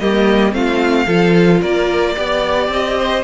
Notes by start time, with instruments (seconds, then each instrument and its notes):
0.00 cello G3, viola A#3, violin G4 D#5
0.52 cello A3, viola C4, violin F4 F5
1.07 cello F3, viola F4, violin A4
1.62 cello A#3, violin A#4 D5
2.16 cello B3, viola G4, violin D5
2.68 cello C4, violin D#5
2.99 violin C5